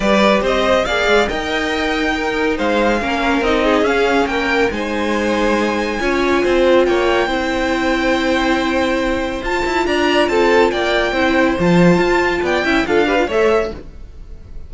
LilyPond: <<
  \new Staff \with { instrumentName = "violin" } { \time 4/4 \tempo 4 = 140 d''4 dis''4 f''4 g''4~ | g''2 f''2 | dis''4 f''4 g''4 gis''4~ | gis''1 |
g''1~ | g''2 a''4 ais''4 | a''4 g''2 a''4~ | a''4 g''4 f''4 e''4 | }
  \new Staff \with { instrumentName = "violin" } { \time 4/4 b'4 c''4 d''4 dis''4~ | dis''4 ais'4 c''4 ais'4~ | ais'8 gis'4. ais'4 c''4~ | c''2 cis''4 c''4 |
cis''4 c''2.~ | c''2. d''4 | a'4 d''4 c''2~ | c''4 d''8 e''8 a'8 b'8 cis''4 | }
  \new Staff \with { instrumentName = "viola" } { \time 4/4 g'2 gis'4 ais'4~ | ais'4 dis'2 cis'4 | dis'4 cis'2 dis'4~ | dis'2 f'2~ |
f'4 e'2.~ | e'2 f'2~ | f'2 e'4 f'4~ | f'4. e'8 f'8 g'16 f'16 a'4 | }
  \new Staff \with { instrumentName = "cello" } { \time 4/4 g4 c'4 ais8 gis8 dis'4~ | dis'2 gis4 ais4 | c'4 cis'4 ais4 gis4~ | gis2 cis'4 c'4 |
ais4 c'2.~ | c'2 f'8 e'8 d'4 | c'4 ais4 c'4 f4 | f'4 b8 cis'8 d'4 a4 | }
>>